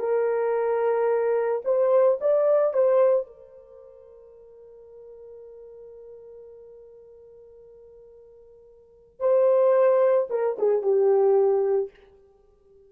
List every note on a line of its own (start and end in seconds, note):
0.00 1.62 A#4
1.65 2.19 C5
2.21 2.74 D5
2.74 3.27 C5
3.27 9.20 A#4
9.20 10.28 C5
10.30 10.57 A#4
10.59 10.83 G#4
10.83 11.91 G4